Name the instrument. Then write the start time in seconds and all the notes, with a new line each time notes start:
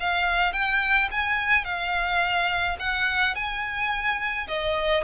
violin
0.00 F5
0.53 G5
1.11 G#5
1.64 F5
2.79 F#5
3.35 G#5
4.48 D#5